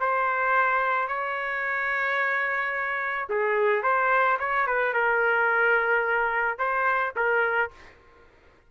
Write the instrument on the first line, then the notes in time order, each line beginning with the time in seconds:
trumpet
0.00 C5
1.08 C#5
3.29 G#4
3.83 C5
4.39 C#5
4.67 B4
4.93 A#4
6.58 C5
7.16 A#4